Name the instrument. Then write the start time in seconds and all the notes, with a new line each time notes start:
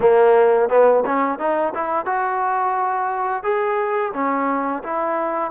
trombone
0.00 A#3
0.69 B3
1.05 C#4
1.38 D#4
1.74 E4
2.05 F#4
3.43 G#4
4.13 C#4
4.83 E4